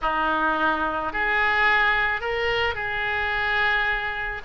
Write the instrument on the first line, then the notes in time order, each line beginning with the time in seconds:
oboe
0.01 D#4
1.12 G#4
2.20 A#4
2.74 G#4